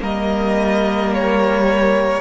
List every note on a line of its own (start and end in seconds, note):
0.00 2.20 G3
0.00 2.20 A#3
0.00 2.20 A#4
0.00 1.14 D#5
1.14 2.20 C#5